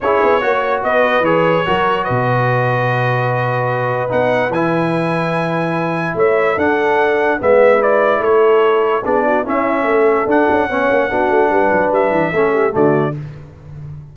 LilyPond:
<<
  \new Staff \with { instrumentName = "trumpet" } { \time 4/4 \tempo 4 = 146 cis''2 dis''4 cis''4~ | cis''4 dis''2.~ | dis''2 fis''4 gis''4~ | gis''2. e''4 |
fis''2 e''4 d''4 | cis''2 d''4 e''4~ | e''4 fis''2.~ | fis''4 e''2 d''4 | }
  \new Staff \with { instrumentName = "horn" } { \time 4/4 gis'4 cis''4 b'2 | ais'4 b'2.~ | b'1~ | b'2. cis''4 |
a'2 b'2 | a'2 gis'8 fis'8 e'4 | a'2 cis''4 fis'4 | b'2 a'8 g'8 fis'4 | }
  \new Staff \with { instrumentName = "trombone" } { \time 4/4 e'4 fis'2 gis'4 | fis'1~ | fis'2 dis'4 e'4~ | e'1 |
d'2 b4 e'4~ | e'2 d'4 cis'4~ | cis'4 d'4 cis'4 d'4~ | d'2 cis'4 a4 | }
  \new Staff \with { instrumentName = "tuba" } { \time 4/4 cis'8 b8 ais4 b4 e4 | fis4 b,2.~ | b,2 b4 e4~ | e2. a4 |
d'2 gis2 | a2 b4 cis'4 | a4 d'8 cis'8 b8 ais8 b8 a8 | g8 fis8 g8 e8 a4 d4 | }
>>